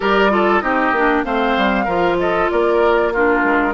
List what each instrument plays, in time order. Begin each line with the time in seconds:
0.00 bassoon G3, clarinet G4, oboe A#4, flute D5
0.30 clarinet F4, oboe A4
0.60 bassoon C4, clarinet D#4, oboe G4, flute D#5
0.92 bassoon A#3, clarinet D4
1.24 bassoon A3, clarinet C4, oboe C5, flute F5
1.56 bassoon G3
1.84 bassoon F3, clarinet F4, oboe A#4
2.18 oboe A4, flute D#5
2.50 bassoon A#3, oboe A#4, flute D5
3.13 clarinet D4, oboe F4, flute A#4
3.43 bassoon G#3